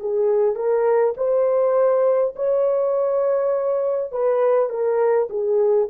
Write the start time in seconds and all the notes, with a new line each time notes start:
0.00 G#4
0.56 A#4
1.17 C5
2.36 C#5
4.12 B4
4.70 A#4
5.30 G#4